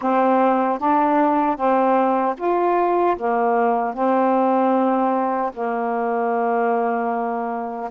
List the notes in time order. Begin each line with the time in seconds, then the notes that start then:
0.01 C4
0.78 D4
1.56 C4
2.37 F4
3.17 A#3
3.94 C4
5.53 A#3